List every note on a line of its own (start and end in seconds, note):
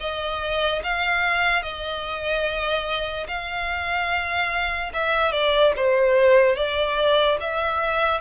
0.00 0.82 D#5
0.83 1.63 F5
1.63 3.27 D#5
3.28 4.92 F5
4.94 5.32 E5
5.32 5.73 D5
5.76 6.56 C5
6.56 7.38 D5
7.40 8.20 E5